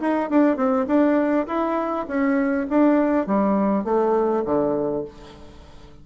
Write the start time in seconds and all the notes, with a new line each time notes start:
0.00 D#4
0.30 D4
0.56 C4
0.87 D4
1.47 E4
2.07 C#4
2.70 D4
3.27 G3
3.84 A3
4.45 D3